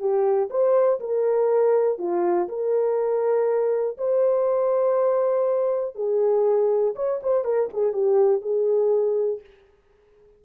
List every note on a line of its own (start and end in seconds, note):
0.00 0.49 G4
0.50 1.00 C5
1.00 1.98 A#4
1.98 2.48 F4
2.49 3.97 A#4
3.98 5.95 C5
5.95 6.95 G#4
6.96 7.21 C#5
7.23 7.45 C5
7.45 7.69 A#4
7.73 7.93 G#4
7.93 8.42 G4
8.42 9.41 G#4